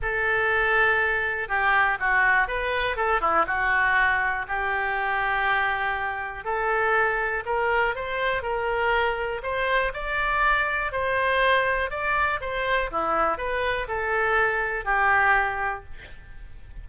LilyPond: \new Staff \with { instrumentName = "oboe" } { \time 4/4 \tempo 4 = 121 a'2. g'4 | fis'4 b'4 a'8 e'8 fis'4~ | fis'4 g'2.~ | g'4 a'2 ais'4 |
c''4 ais'2 c''4 | d''2 c''2 | d''4 c''4 e'4 b'4 | a'2 g'2 | }